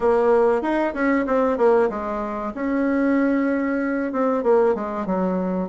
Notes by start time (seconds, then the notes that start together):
0.00 A#3
0.62 D#4
0.94 C#4
1.26 C4
1.57 A#3
1.89 G#3
2.54 C#4
4.12 C4
4.43 A#3
4.74 G#3
5.06 F#3